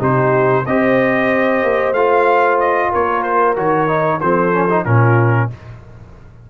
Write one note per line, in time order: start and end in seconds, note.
0.00 0.66 C3
0.00 0.65 D#4
0.00 0.65 G4
0.00 0.66 C5
0.66 1.64 C4
0.66 1.96 G4
0.66 2.91 C5
0.66 1.94 D#5
1.64 1.93 A#3
1.93 2.90 A3
1.93 3.57 F4
1.93 2.58 F5
2.60 2.93 D#5
2.91 3.57 A#3
2.91 4.20 A#4
2.91 3.23 C#5
3.23 3.55 C5
3.57 4.22 D#3
3.57 3.88 F#4
3.57 4.21 C#5
3.88 4.21 D#4
4.21 4.86 F3
4.21 4.53 C4
4.21 4.85 A4
4.21 4.85 C5
4.53 4.69 C#4
4.70 4.86 D#4
4.85 5.50 A#2
4.85 5.50 C#4
4.85 5.49 F4
4.85 5.50 A#4